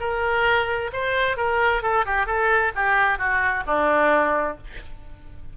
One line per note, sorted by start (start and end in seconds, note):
0.00 0.91 A#4
0.93 1.37 C5
1.37 1.82 A#4
1.82 2.05 A4
2.05 2.26 G4
2.26 2.72 A4
2.75 3.18 G4
3.18 3.64 F#4
3.66 4.57 D4